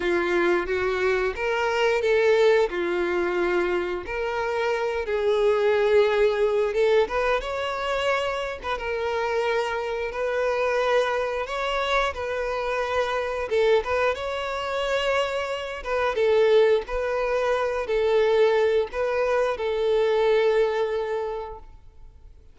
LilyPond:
\new Staff \with { instrumentName = "violin" } { \time 4/4 \tempo 4 = 89 f'4 fis'4 ais'4 a'4 | f'2 ais'4. gis'8~ | gis'2 a'8 b'8 cis''4~ | cis''8. b'16 ais'2 b'4~ |
b'4 cis''4 b'2 | a'8 b'8 cis''2~ cis''8 b'8 | a'4 b'4. a'4. | b'4 a'2. | }